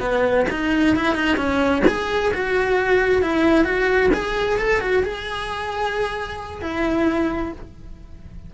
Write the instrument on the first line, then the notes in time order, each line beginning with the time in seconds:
cello
0.00 B3
0.51 D#4
0.96 E4
1.15 D#4
1.37 C#4
1.87 G#4
2.34 F#4
3.22 E4
3.64 F#4
4.14 G#4
4.59 A4
4.80 F#4
5.03 G#4
6.61 E4